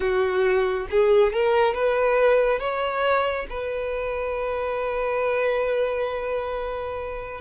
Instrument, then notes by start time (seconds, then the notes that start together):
violin
0.00 F#4
0.90 G#4
1.32 A#4
1.74 B4
2.59 C#5
3.49 B4